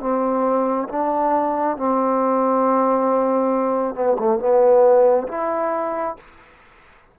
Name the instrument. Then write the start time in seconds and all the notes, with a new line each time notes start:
trombone
0.00 C4
0.89 D4
1.77 C4
3.95 B3
4.18 A3
4.39 B3
5.28 E4